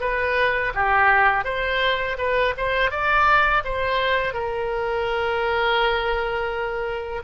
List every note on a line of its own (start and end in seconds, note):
0.00 0.72 B4
0.74 1.44 G4
1.44 2.16 C5
2.18 2.54 B4
2.57 2.90 C5
2.90 3.62 D5
3.64 4.33 C5
4.33 7.22 A#4